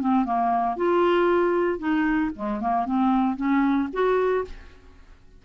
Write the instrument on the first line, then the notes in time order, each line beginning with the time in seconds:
clarinet
0.00 C4
0.24 A#3
0.76 F4
1.78 D#4
2.35 G#3
2.60 A#3
2.85 C4
3.36 C#4
3.92 F#4